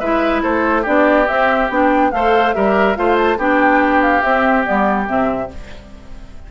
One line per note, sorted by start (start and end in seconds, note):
0.00 0.44 G#3
0.00 0.85 E4
0.00 0.42 B4
0.00 0.42 E5
0.43 0.86 A3
0.43 0.83 A4
0.43 0.85 C5
0.83 1.29 B3
0.83 1.27 D4
0.83 2.09 G4
0.83 1.28 D5
1.28 1.70 C4
1.28 1.71 E5
1.70 2.12 B3
1.70 2.13 D4
1.70 2.12 G5
2.12 2.55 A3
2.12 2.54 A4
2.12 2.56 C5
2.12 2.54 F5
2.54 2.98 G3
2.54 2.96 G4
2.54 2.98 A#4
2.54 2.96 E5
2.96 3.37 A3
2.96 3.38 F4
2.96 3.39 C5
2.96 3.18 F5
3.18 3.40 A5
3.37 4.22 B3
3.37 4.23 D4
3.37 5.50 G4
3.37 4.02 G5
4.02 4.22 F5
4.22 4.64 C4
4.22 4.66 C4
4.22 4.65 E5
4.64 5.09 G3
4.64 5.07 B3
4.64 5.08 D5
5.07 5.52 C3
5.07 5.49 C4
5.07 5.51 E5